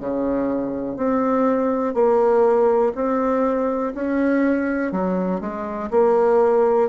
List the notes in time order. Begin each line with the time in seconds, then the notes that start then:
0.00 C#3
0.97 C4
1.94 A#3
2.95 C4
3.95 C#4
4.92 F#3
5.41 G#3
5.91 A#3